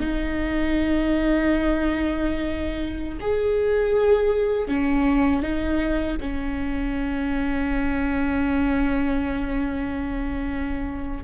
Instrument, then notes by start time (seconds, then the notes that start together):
viola
0.00 D#4
3.21 G#4
4.68 C#4
5.42 D#4
6.21 C#4